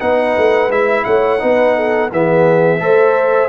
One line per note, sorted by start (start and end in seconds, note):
0.00 0.37 B3
0.00 0.71 D#4
0.00 1.06 B4
0.00 0.71 F#5
0.38 0.69 A3
0.69 1.04 G#3
0.69 1.39 E4
0.69 1.05 E5
1.05 1.42 A3
1.05 1.42 C#5
1.05 2.10 F#5
1.39 2.12 B3
1.39 2.10 D#4
1.39 1.76 B4
1.76 2.12 A4
2.12 2.81 E3
2.12 2.80 B3
2.12 2.82 G#4
2.12 3.50 E5
2.80 3.50 A3
2.80 3.50 A4
2.80 3.50 C5